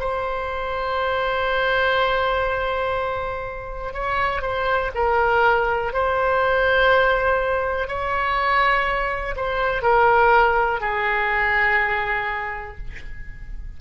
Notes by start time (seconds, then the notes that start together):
0.00 C5
3.94 C#5
4.42 C5
4.95 A#4
5.93 C5
7.88 C#5
9.37 C5
9.82 A#4
10.81 G#4